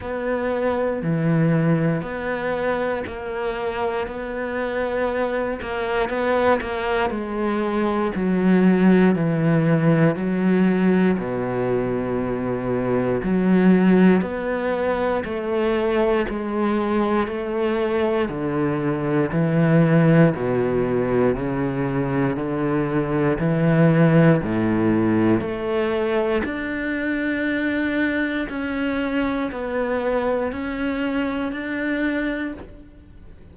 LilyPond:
\new Staff \with { instrumentName = "cello" } { \time 4/4 \tempo 4 = 59 b4 e4 b4 ais4 | b4. ais8 b8 ais8 gis4 | fis4 e4 fis4 b,4~ | b,4 fis4 b4 a4 |
gis4 a4 d4 e4 | b,4 cis4 d4 e4 | a,4 a4 d'2 | cis'4 b4 cis'4 d'4 | }